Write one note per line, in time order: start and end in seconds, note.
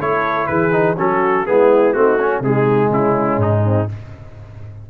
0.00 0.48 A3
0.00 0.72 E4
0.00 0.49 A4
0.00 0.46 C#5
0.46 0.97 E3
0.46 0.97 G#4
0.46 0.95 B4
0.72 0.96 D#4
0.97 1.47 F#3
0.97 1.46 C#4
0.97 1.47 F#4
0.97 1.46 A4
1.46 1.94 G#3
1.46 1.94 B3
1.46 1.97 E4
1.46 1.93 G#4
1.93 2.40 A3
1.93 2.18 C4
1.93 2.18 D#4
1.93 2.41 F#4
2.18 2.42 C#4
2.18 2.43 C#4
2.40 2.88 C3
2.40 3.89 G#3
2.40 2.90 D#4
2.40 2.92 G#4
2.90 3.37 C#3
2.90 3.63 C#4
2.90 3.41 E4
3.37 3.86 G#2
3.37 3.90 D#4
3.63 3.87 C4